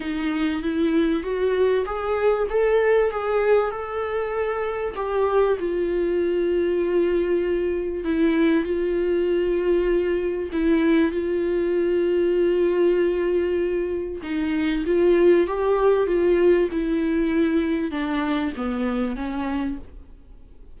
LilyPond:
\new Staff \with { instrumentName = "viola" } { \time 4/4 \tempo 4 = 97 dis'4 e'4 fis'4 gis'4 | a'4 gis'4 a'2 | g'4 f'2.~ | f'4 e'4 f'2~ |
f'4 e'4 f'2~ | f'2. dis'4 | f'4 g'4 f'4 e'4~ | e'4 d'4 b4 cis'4 | }